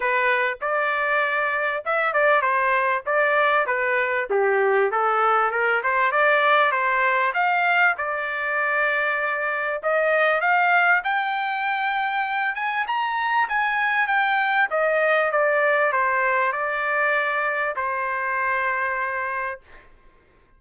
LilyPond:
\new Staff \with { instrumentName = "trumpet" } { \time 4/4 \tempo 4 = 98 b'4 d''2 e''8 d''8 | c''4 d''4 b'4 g'4 | a'4 ais'8 c''8 d''4 c''4 | f''4 d''2. |
dis''4 f''4 g''2~ | g''8 gis''8 ais''4 gis''4 g''4 | dis''4 d''4 c''4 d''4~ | d''4 c''2. | }